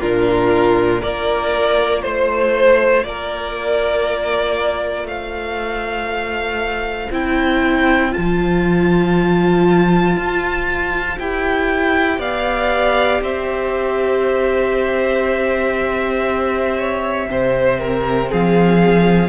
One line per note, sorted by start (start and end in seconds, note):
0.00 1.03 A#2
0.00 1.02 D4
0.00 1.01 F4
0.00 1.02 A#4
1.01 2.04 A#3
1.01 7.12 F4
1.01 2.03 A#4
1.01 2.02 D5
2.02 3.04 A3
2.02 3.04 C5
2.02 3.05 C5
3.04 5.04 A#3
3.04 5.09 A#4
3.04 5.07 D5
5.04 7.07 A3
5.04 12.19 C5
5.04 7.11 F5
7.11 8.13 C4
7.11 8.12 E4
7.11 8.13 G5
8.12 10.17 F3
8.12 11.17 F4
8.12 11.18 A5
10.17 11.18 F4
11.19 12.18 E4
11.19 17.28 G4
11.19 12.21 G5
12.18 13.20 B3
12.18 13.21 D5
12.18 13.22 F5
13.21 17.28 C4
13.21 16.77 C5
13.21 18.32 E5
16.77 17.28 C#5
17.28 18.31 C3
17.28 19.29 C4
17.28 17.80 C5
17.80 18.31 A#4
18.31 19.29 F3
18.31 19.29 G#4
18.31 19.29 F5